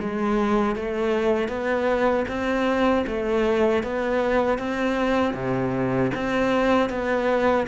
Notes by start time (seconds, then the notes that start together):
0.00 G#3
0.76 A3
1.49 B3
2.28 C4
3.07 A3
3.83 B3
4.58 C4
5.34 C3
6.14 C4
6.90 B3